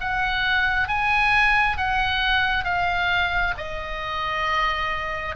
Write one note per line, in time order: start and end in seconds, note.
0.00 0.88 F#5
0.88 1.77 G#5
1.77 2.64 F#5
2.64 3.53 F5
3.57 5.35 D#5